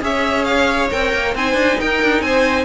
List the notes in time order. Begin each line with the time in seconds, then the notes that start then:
0.00 C#4 G#4 C#5 E5
0.44 F5
0.90 C4 A#4 G5
1.13 A#3
1.34 C4 D#4 C5 G#5
1.54 D4
1.80 D#4 A#4 G5
2.02 D4
2.21 C4 C5 G#5